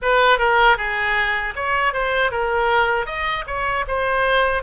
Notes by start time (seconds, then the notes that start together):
0.02 B4
0.38 A#4
0.77 G#4
1.55 C#5
1.93 C5
2.31 A#4
3.06 D#5
3.46 C#5
3.87 C5